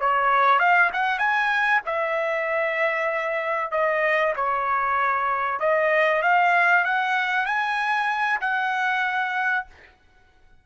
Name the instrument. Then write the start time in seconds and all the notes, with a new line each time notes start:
trumpet
0.00 C#5
0.59 F5
0.93 F#5
1.19 G#5
1.86 E5
3.72 D#5
4.36 C#5
5.60 D#5
6.22 F5
6.85 F#5
7.46 G#5
8.41 F#5